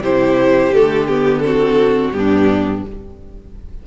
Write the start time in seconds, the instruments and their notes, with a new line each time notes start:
0.00 cello C3, viola E4, violin G4 C5
0.70 cello D3, viola A3, violin A4
1.07 viola B3, violin G4
1.39 viola C4, violin A4
1.45 violin F#4
2.11 cello G2, viola B3, violin D4 G4